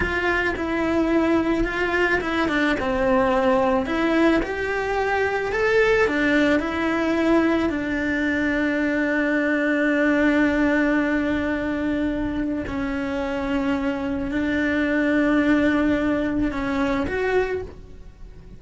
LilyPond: \new Staff \with { instrumentName = "cello" } { \time 4/4 \tempo 4 = 109 f'4 e'2 f'4 | e'8 d'8 c'2 e'4 | g'2 a'4 d'4 | e'2 d'2~ |
d'1~ | d'2. cis'4~ | cis'2 d'2~ | d'2 cis'4 fis'4 | }